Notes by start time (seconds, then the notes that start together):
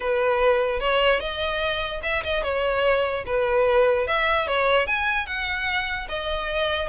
0.00 B4
0.80 C#5
1.20 D#5
2.02 E5
2.23 D#5
2.43 C#5
3.26 B4
4.07 E5
4.47 C#5
4.86 G#5
5.26 F#5
6.08 D#5